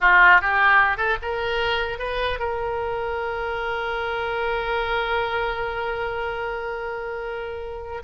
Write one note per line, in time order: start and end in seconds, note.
0.00 0.41 F4
0.41 0.97 G4
0.97 1.17 A4
1.22 1.98 A#4
1.98 2.39 B4
2.39 8.02 A#4